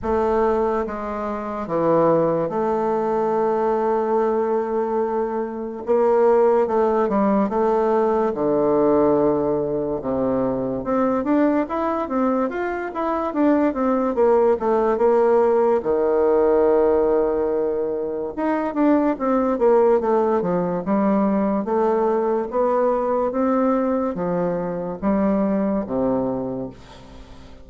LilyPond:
\new Staff \with { instrumentName = "bassoon" } { \time 4/4 \tempo 4 = 72 a4 gis4 e4 a4~ | a2. ais4 | a8 g8 a4 d2 | c4 c'8 d'8 e'8 c'8 f'8 e'8 |
d'8 c'8 ais8 a8 ais4 dis4~ | dis2 dis'8 d'8 c'8 ais8 | a8 f8 g4 a4 b4 | c'4 f4 g4 c4 | }